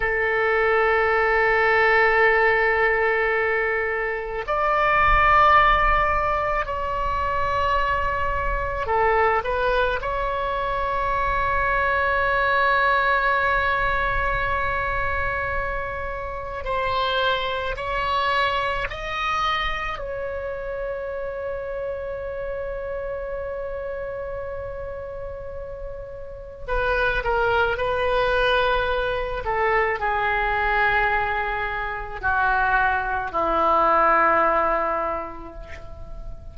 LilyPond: \new Staff \with { instrumentName = "oboe" } { \time 4/4 \tempo 4 = 54 a'1 | d''2 cis''2 | a'8 b'8 cis''2.~ | cis''2. c''4 |
cis''4 dis''4 cis''2~ | cis''1 | b'8 ais'8 b'4. a'8 gis'4~ | gis'4 fis'4 e'2 | }